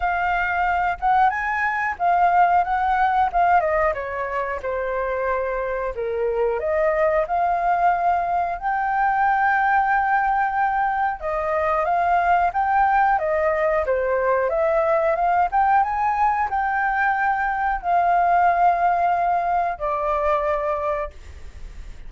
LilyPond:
\new Staff \with { instrumentName = "flute" } { \time 4/4 \tempo 4 = 91 f''4. fis''8 gis''4 f''4 | fis''4 f''8 dis''8 cis''4 c''4~ | c''4 ais'4 dis''4 f''4~ | f''4 g''2.~ |
g''4 dis''4 f''4 g''4 | dis''4 c''4 e''4 f''8 g''8 | gis''4 g''2 f''4~ | f''2 d''2 | }